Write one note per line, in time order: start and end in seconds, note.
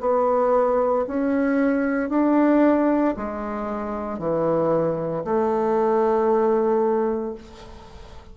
0.00 1.05 B3
1.07 2.09 C#4
2.09 3.14 D4
3.16 4.18 G#3
4.18 5.23 E3
5.24 7.34 A3